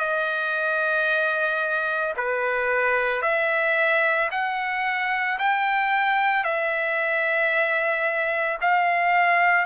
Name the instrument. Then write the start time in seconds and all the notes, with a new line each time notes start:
trumpet
0.00 D#5
2.17 B4
3.22 E5
4.31 F#5
5.39 G5
6.44 E5
8.62 F5